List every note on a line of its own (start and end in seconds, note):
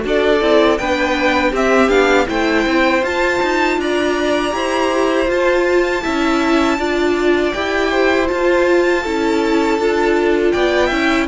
0.00 0.42 D4
0.00 0.38 F#4
0.07 0.80 A4
0.07 0.78 D5
0.41 0.79 C4
0.41 0.79 E4
0.78 1.53 B3
0.78 1.55 D4
0.78 1.51 B4
0.78 1.53 G5
1.51 1.89 C4
1.51 2.26 G4
1.51 1.89 E5
1.89 2.26 B3
1.89 2.26 D4
1.89 2.27 F5
2.26 2.67 A3
2.26 3.01 E4
2.26 3.79 C5
2.26 3.04 G5
2.67 3.03 C4
3.03 3.40 F4
3.03 4.51 F4
3.03 3.80 A5
3.43 3.78 D#4
3.78 4.53 D4
3.78 4.55 D5
3.78 5.30 A#5
4.51 5.28 E4
4.51 5.26 G4
4.51 6.03 C5
5.27 6.02 F4
5.27 6.03 F4
5.27 7.53 A5
6.03 6.78 C#4
6.03 6.79 E4
6.03 6.78 E5
6.78 7.53 D4
6.78 7.54 F4
6.78 7.90 D5
7.53 8.31 E4
7.53 8.26 G4
7.53 8.28 G5
7.90 9.03 C5
8.26 9.01 F4
8.26 9.06 F4
8.26 10.52 A5
9.03 9.79 C#4
9.03 9.80 E4
9.03 10.53 A4
9.79 10.54 D4
9.79 10.92 F4
10.52 10.92 B3
10.52 10.86 D5
10.52 11.27 G5
10.86 11.28 C#4
10.86 11.28 E4
10.86 11.24 E5